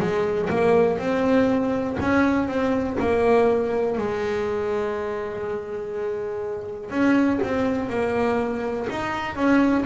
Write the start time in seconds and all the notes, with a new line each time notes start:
0.00 G#3
0.50 A#3
0.99 C4
2.00 C#4
2.48 C4
3.00 A#3
3.98 G#3
6.90 C#4
7.43 C4
7.90 A#3
8.90 D#4
9.35 C#4